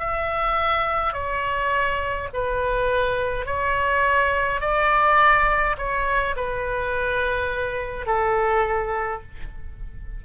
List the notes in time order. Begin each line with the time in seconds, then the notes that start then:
0.00 E5
1.13 C#5
2.34 B4
3.46 C#5
4.61 D5
5.78 C#5
6.37 B4
8.07 A4